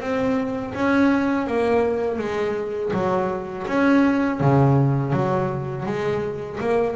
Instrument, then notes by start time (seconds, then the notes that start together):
double bass
0.00 C4
0.74 C#4
1.46 A#3
2.18 G#3
2.93 F#3
3.67 C#4
4.40 C#3
5.12 F#3
5.85 G#3
6.60 A#3